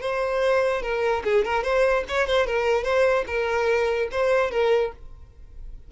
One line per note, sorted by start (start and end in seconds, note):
0.00 0.82 C5
0.82 1.23 A#4
1.24 1.44 G#4
1.44 1.63 A#4
1.63 2.04 C5
2.08 2.27 C#5
2.27 2.46 C5
2.46 2.83 A#4
2.83 3.24 C5
3.27 4.08 A#4
4.11 4.51 C5
4.51 4.91 A#4